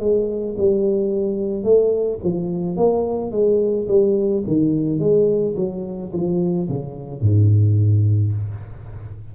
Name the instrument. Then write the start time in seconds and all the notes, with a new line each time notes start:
tuba
0.00 G#3
0.58 G3
1.64 A3
2.24 F3
2.77 A#3
3.31 G#3
3.88 G3
4.47 D#3
4.99 G#3
5.57 F#3
6.13 F3
6.69 C#3
7.22 G#2